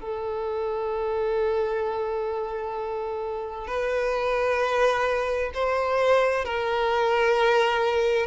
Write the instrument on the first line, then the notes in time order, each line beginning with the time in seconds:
violin
0.00 A4
3.67 B4
5.54 C5
6.44 A#4